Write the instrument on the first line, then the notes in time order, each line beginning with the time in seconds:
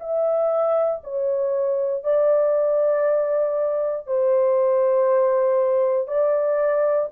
horn
0.00 E5
1.04 C#5
2.04 D5
4.07 C5
6.08 D5